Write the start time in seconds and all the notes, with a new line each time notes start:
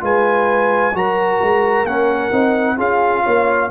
0.00 G#3 F4 B4 G#5
0.94 F#3 F#4 A#4 A#5
1.42 G#3
1.84 A#3 C#4 F#5
2.32 C4 D#4
2.76 C#4 F4 G#4 F5
3.23 A#3 C#5